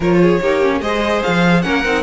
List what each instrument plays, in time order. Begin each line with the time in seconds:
0.00 cello F3, viola F4, violin A#4 C#5
0.21 violin G#4
0.41 cello A#3, viola D#4, violin G4
0.62 viola C#4
0.80 cello G#3, viola G#4, violin C5 D#5
1.23 cello F3, violin F5
1.62 cello A#3, viola C#4, violin A#4 F#5
1.84 cello C4, viola D#4